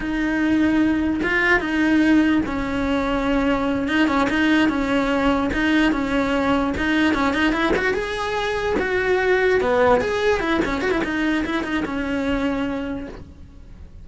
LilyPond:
\new Staff \with { instrumentName = "cello" } { \time 4/4 \tempo 4 = 147 dis'2. f'4 | dis'2 cis'2~ | cis'4. dis'8 cis'8 dis'4 cis'8~ | cis'4. dis'4 cis'4.~ |
cis'8 dis'4 cis'8 dis'8 e'8 fis'8 gis'8~ | gis'4. fis'2 b8~ | b8 gis'4 e'8 cis'8 fis'16 e'16 dis'4 | e'8 dis'8 cis'2. | }